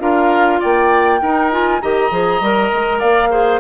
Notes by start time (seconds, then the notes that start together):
0.00 D4 F4 A#4 F5
0.60 A#3 D5 G5
1.22 D#4 A#4
1.51 F4 G#5
1.82 D#3 G4 D#5 A#5
2.11 F3 G#4
2.41 G3 A#4
2.73 G#3
3.00 A#3 D5 F5
3.31 G#4 C5